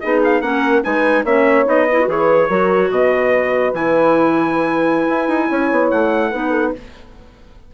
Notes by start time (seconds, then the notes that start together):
0.00 B3 D#4 G#4 D#5
0.24 F5
0.40 A#3 C#4 A#4 F#5
0.83 G#3 D#4 B4 G#5
1.24 A#3 C#4 C#5 E5
1.65 B3 D#4 D#5
1.89 E4 B4
2.01 F#4
2.07 E3 G#4 C#5
2.48 F#3 F#4 A#4
2.90 B2 B4 D#5
3.73 E3 E4 G#5
5.09 E4
5.28 D#4
5.49 C#4 C#5
5.71 B3
5.90 A3 F#5
6.31 B3 D#4 B4
6.51 A4